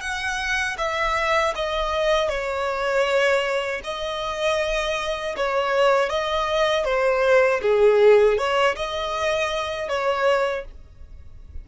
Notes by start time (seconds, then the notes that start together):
0.00 F#5
0.78 E5
1.55 D#5
2.29 C#5
3.84 D#5
5.36 C#5
6.09 D#5
6.84 C5
7.61 G#4
8.37 C#5
8.75 D#5
9.88 C#5